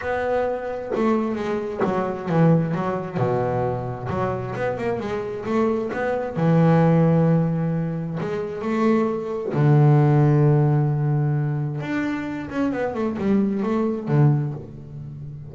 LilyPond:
\new Staff \with { instrumentName = "double bass" } { \time 4/4 \tempo 4 = 132 b2 a4 gis4 | fis4 e4 fis4 b,4~ | b,4 fis4 b8 ais8 gis4 | a4 b4 e2~ |
e2 gis4 a4~ | a4 d2.~ | d2 d'4. cis'8 | b8 a8 g4 a4 d4 | }